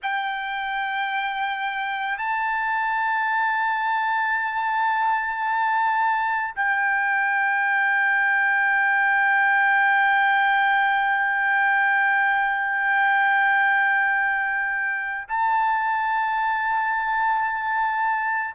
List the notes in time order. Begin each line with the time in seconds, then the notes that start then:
0.02 G5
2.18 A5
6.55 G5
15.28 A5